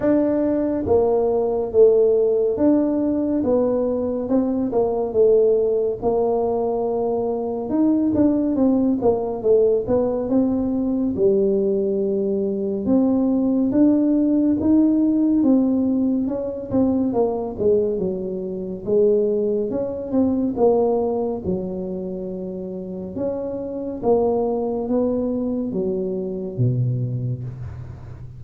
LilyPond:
\new Staff \with { instrumentName = "tuba" } { \time 4/4 \tempo 4 = 70 d'4 ais4 a4 d'4 | b4 c'8 ais8 a4 ais4~ | ais4 dis'8 d'8 c'8 ais8 a8 b8 | c'4 g2 c'4 |
d'4 dis'4 c'4 cis'8 c'8 | ais8 gis8 fis4 gis4 cis'8 c'8 | ais4 fis2 cis'4 | ais4 b4 fis4 b,4 | }